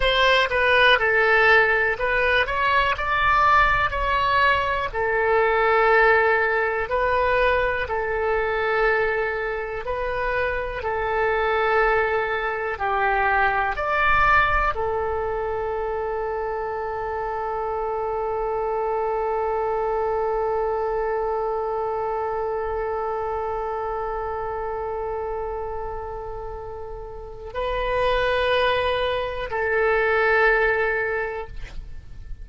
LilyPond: \new Staff \with { instrumentName = "oboe" } { \time 4/4 \tempo 4 = 61 c''8 b'8 a'4 b'8 cis''8 d''4 | cis''4 a'2 b'4 | a'2 b'4 a'4~ | a'4 g'4 d''4 a'4~ |
a'1~ | a'1~ | a'1 | b'2 a'2 | }